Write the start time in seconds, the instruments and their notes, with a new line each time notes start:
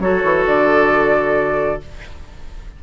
0.00 bassoon F#3, clarinet F#4, oboe A4, flute C#5
0.24 bassoon E3
0.46 bassoon D3, flute D5